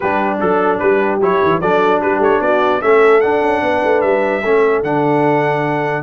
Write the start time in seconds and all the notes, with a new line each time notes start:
0.00 G3 D4 G4 B4
0.39 F#3 A4
0.78 G3 G4 B4
1.20 F#3 E4 C#5
1.42 E3
1.60 F#3 D4 A4 D5
2.01 G3 G4 B4
2.19 A3 C#5
2.41 B3 F#4 D5
2.80 A3 C#4 A4 E5
3.20 D4 F#5
3.41 C#4
3.62 B3 B4
3.83 A3
4.01 G3 E5
4.43 A3 C#4 A4
4.83 D3 D4 F#5